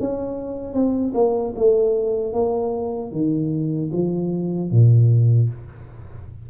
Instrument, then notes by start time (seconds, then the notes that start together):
tuba
0.00 C#4
0.74 C4
1.14 A#3
1.56 A3
2.33 A#3
3.12 D#3
3.93 F3
4.71 A#2